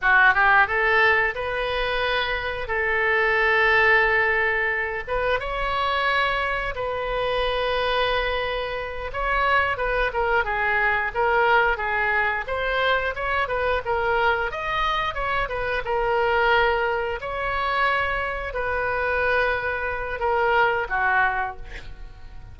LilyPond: \new Staff \with { instrumentName = "oboe" } { \time 4/4 \tempo 4 = 89 fis'8 g'8 a'4 b'2 | a'2.~ a'8 b'8 | cis''2 b'2~ | b'4. cis''4 b'8 ais'8 gis'8~ |
gis'8 ais'4 gis'4 c''4 cis''8 | b'8 ais'4 dis''4 cis''8 b'8 ais'8~ | ais'4. cis''2 b'8~ | b'2 ais'4 fis'4 | }